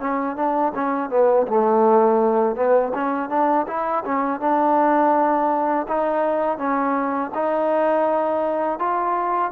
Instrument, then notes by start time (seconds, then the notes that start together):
trombone
0.00 C#4
0.37 D4
0.75 C#4
1.10 B3
1.48 A3
2.56 B3
2.95 C#4
3.30 D4
3.68 E4
4.05 C#4
4.41 D4
5.88 D#4
6.58 C#4
7.34 D#4
8.79 F4